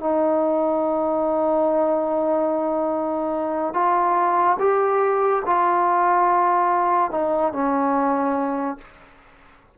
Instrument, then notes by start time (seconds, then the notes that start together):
trombone
0.00 D#4
3.74 F4
4.60 G4
5.46 F4
7.11 D#4
7.53 C#4